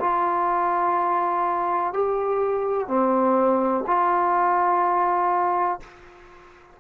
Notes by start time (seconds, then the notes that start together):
0.00 F4
1.93 G4
2.88 C4
3.87 F4